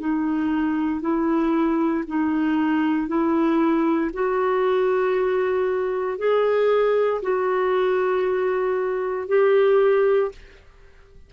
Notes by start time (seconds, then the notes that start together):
0.00 D#4
1.01 E4
2.07 D#4
3.08 E4
4.13 F#4
6.18 G#4
7.23 F#4
9.28 G4